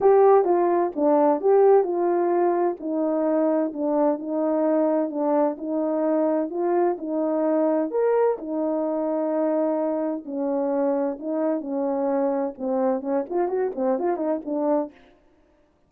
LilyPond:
\new Staff \with { instrumentName = "horn" } { \time 4/4 \tempo 4 = 129 g'4 f'4 d'4 g'4 | f'2 dis'2 | d'4 dis'2 d'4 | dis'2 f'4 dis'4~ |
dis'4 ais'4 dis'2~ | dis'2 cis'2 | dis'4 cis'2 c'4 | cis'8 f'8 fis'8 c'8 f'8 dis'8 d'4 | }